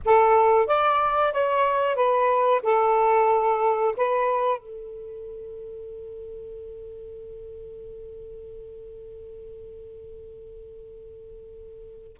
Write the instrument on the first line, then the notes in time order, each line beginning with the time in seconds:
saxophone
0.05 A4
0.66 D5
1.32 C#5
1.95 B4
2.62 A4
3.97 B4
4.59 A4